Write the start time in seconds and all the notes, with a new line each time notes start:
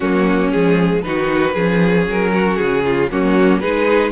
0.00 F#3 A#3 C#4 F#4
0.51 F3 G#3 G#4
1.02 D#3 D#4 F#4 B4
1.53 F3 C#4 G#4
2.07 F#3 A#4
2.32 F#4
2.56 C#3 G#4
2.84 F4
3.10 F#3 A#3 C#4 F#4
3.59 G#3 D#4 G#4 B4